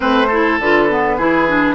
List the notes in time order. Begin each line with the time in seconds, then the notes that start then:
0.00 A3 C4 B4 C5
0.27 E4 A4
0.59 D3 F4 B4
0.89 B3
1.17 E3 E4 G#4
1.47 D4